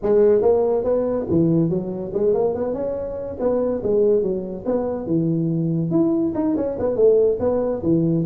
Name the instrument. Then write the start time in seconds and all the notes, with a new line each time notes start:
tuba
0.02 G#3
0.41 A#3
0.83 B3
1.30 E3
1.69 F#3
2.13 G#3
2.34 A#3
2.54 B3
2.73 C#4
3.39 B3
3.83 G#3
4.22 F#3
4.65 B3
5.06 E3
5.90 E4
6.34 D#4
6.56 C#4
6.79 B3
6.95 A3
7.39 B3
7.82 E3